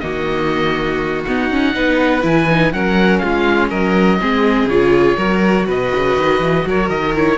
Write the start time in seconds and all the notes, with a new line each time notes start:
0.00 D#3 A#3 F#4 D#5
1.25 B3 D#4 F#5
1.51 C#4
1.73 B3 D#4 B4
2.22 E3 E4 G#5
2.51 D#4
2.73 F#3 C#4 A#4 F#5
3.19 G#3 F4 F5
3.70 F#3 A#4 D#5
4.21 G#3 C4 G#4
4.66 C#3 F4 C#5
5.17 F#3 F#4 A#4
5.67 B2 B4 D#5
5.95 C#3
6.17 D#3
6.40 E3
6.66 F#3 A#4 C#5
6.89 D#3 D#5
7.15 E4 C#5